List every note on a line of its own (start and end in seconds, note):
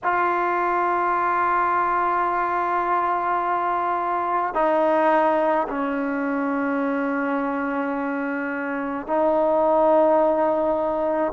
0.03 4.53 F4
4.53 5.67 D#4
5.68 9.06 C#4
9.06 11.33 D#4